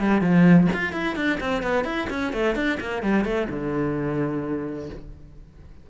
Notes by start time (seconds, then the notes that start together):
0.00 G3
0.21 F3
0.73 F4
0.92 E4
1.16 D4
1.40 C4
1.63 B3
1.85 E4
2.10 C#4
2.33 A3
2.55 D4
2.80 A#3
3.03 G3
3.25 A3
3.50 D3